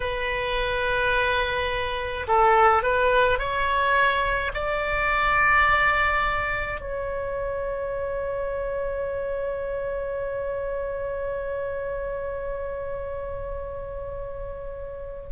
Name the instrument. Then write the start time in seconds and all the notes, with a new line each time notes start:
oboe
0.00 B4
2.27 A4
2.83 B4
3.39 C#5
4.53 D5
6.80 C#5